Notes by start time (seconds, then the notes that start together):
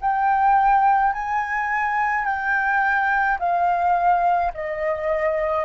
0.00 G5
1.12 G#5
2.24 G5
3.39 F5
4.53 D#5